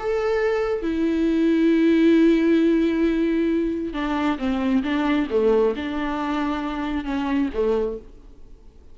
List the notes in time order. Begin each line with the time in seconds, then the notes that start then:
0.00 A4
0.83 E4
3.94 D4
4.39 C4
4.84 D4
5.31 A3
5.76 D4
7.05 C#4
7.55 A3